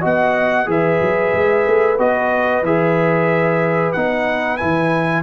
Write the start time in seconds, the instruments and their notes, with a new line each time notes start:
0.00 tuba B3, trombone F#4, horn D#5, trumpet F#5
0.65 tuba E3, trombone G#4, horn B4, trumpet E5
1.00 tuba F#3
1.33 tuba G#3
1.67 tuba A3
1.98 tuba B3, trombone F#4, trumpet D#5
2.62 tuba E3, trombone G#4, trumpet E5
3.92 tuba B3, trombone D#4, trumpet F#5
4.57 tuba E3, trombone E4, trumpet G#5